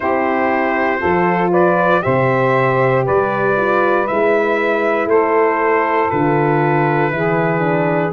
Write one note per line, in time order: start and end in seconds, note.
0.00 1.02 C4
0.00 1.00 E4
0.00 0.99 G4
0.00 1.50 C5
0.99 2.05 F3
0.99 2.01 F4
0.99 1.50 A4
1.50 2.01 B4
1.50 2.02 D5
2.01 3.07 C3
2.01 3.54 G4
2.01 3.04 C5
2.01 3.04 E5
3.04 4.09 G3
3.04 5.08 B4
3.04 4.07 D5
3.56 4.07 F4
4.07 5.05 G#3
4.07 6.10 E4
4.07 5.08 E5
5.05 6.07 A3
5.05 7.11 A4
5.05 6.10 C5
6.10 7.12 D3
6.10 7.10 F4
6.10 8.13 B4
7.10 8.13 E3
7.10 7.60 E4
7.10 8.13 G#4
7.60 8.11 D4